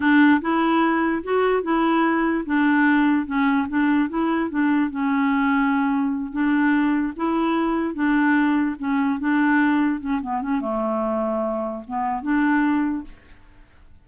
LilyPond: \new Staff \with { instrumentName = "clarinet" } { \time 4/4 \tempo 4 = 147 d'4 e'2 fis'4 | e'2 d'2 | cis'4 d'4 e'4 d'4 | cis'2.~ cis'8 d'8~ |
d'4. e'2 d'8~ | d'4. cis'4 d'4.~ | d'8 cis'8 b8 cis'8 a2~ | a4 b4 d'2 | }